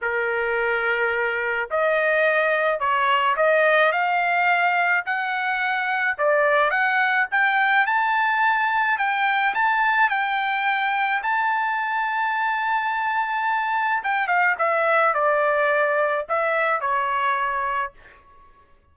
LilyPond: \new Staff \with { instrumentName = "trumpet" } { \time 4/4 \tempo 4 = 107 ais'2. dis''4~ | dis''4 cis''4 dis''4 f''4~ | f''4 fis''2 d''4 | fis''4 g''4 a''2 |
g''4 a''4 g''2 | a''1~ | a''4 g''8 f''8 e''4 d''4~ | d''4 e''4 cis''2 | }